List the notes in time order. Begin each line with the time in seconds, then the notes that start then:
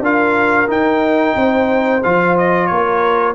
0.00 D4 F4 A#4 F5
0.67 D#4 G5
1.36 C4 C5
2.03 F3 F4 F5
2.38 D#5
2.66 A#3 A#4 C#5